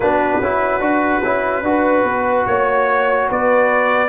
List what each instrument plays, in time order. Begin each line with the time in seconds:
0.00 tuba B3, trombone D4, horn F#4, trumpet B4
0.41 tuba C#4, trombone E4
0.80 tuba D4, trombone F#4
1.23 tuba C#4, trombone E4
1.62 tuba D4, trombone F#4, horn B4
2.04 tuba B3
2.46 tuba A#3, trumpet C#5, horn C#5
3.29 tuba B3, horn B4, trumpet D5